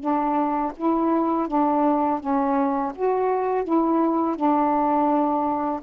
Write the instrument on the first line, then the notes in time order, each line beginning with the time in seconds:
saxophone
0.00 D4
0.77 E4
1.48 D4
2.20 C#4
2.95 F#4
3.64 E4
4.36 D4